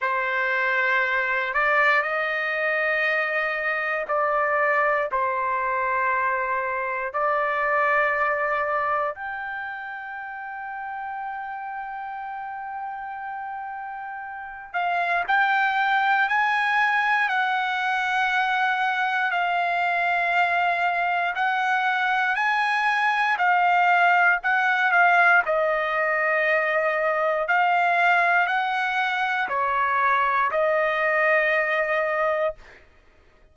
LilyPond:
\new Staff \with { instrumentName = "trumpet" } { \time 4/4 \tempo 4 = 59 c''4. d''8 dis''2 | d''4 c''2 d''4~ | d''4 g''2.~ | g''2~ g''8 f''8 g''4 |
gis''4 fis''2 f''4~ | f''4 fis''4 gis''4 f''4 | fis''8 f''8 dis''2 f''4 | fis''4 cis''4 dis''2 | }